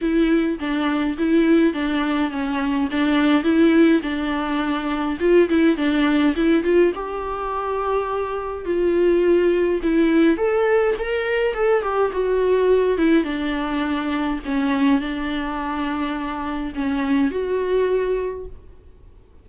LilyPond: \new Staff \with { instrumentName = "viola" } { \time 4/4 \tempo 4 = 104 e'4 d'4 e'4 d'4 | cis'4 d'4 e'4 d'4~ | d'4 f'8 e'8 d'4 e'8 f'8 | g'2. f'4~ |
f'4 e'4 a'4 ais'4 | a'8 g'8 fis'4. e'8 d'4~ | d'4 cis'4 d'2~ | d'4 cis'4 fis'2 | }